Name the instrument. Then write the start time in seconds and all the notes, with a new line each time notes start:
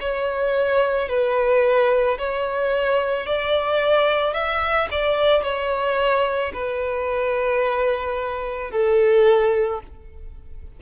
violin
0.00 C#5
1.09 B4
2.18 C#5
3.26 D5
4.33 E5
4.91 D5
5.43 C#5
6.53 B4
8.71 A4